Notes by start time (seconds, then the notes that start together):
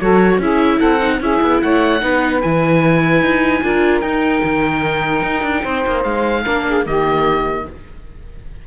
0.00 F#3 F#4 A4 C#5
0.39 C#4 E4 G#4 E5
0.78 C4 A4 F#5
1.00 D#4
1.20 C#4 E4 G#4 E5
1.42 B3
1.62 A3 C#5 F#5
2.01 B3 D#4 B4
2.42 E3 E4 G#5
3.22 D#4
3.63 D4 F4 A#4
4.01 D#4 G5
4.44 D#3
5.23 D#4
5.43 D4
5.63 C4 C5
5.86 A#3
6.04 G#3 F5
6.45 A#3 D4 A#4
6.69 G#4
6.86 D#3 A#3 G4 D#5